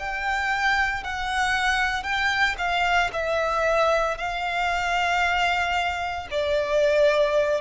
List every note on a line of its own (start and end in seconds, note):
0.00 1.04 G5
1.04 2.03 F#5
2.03 2.56 G5
2.58 3.11 F5
3.13 4.18 E5
4.18 6.29 F5
6.31 7.62 D5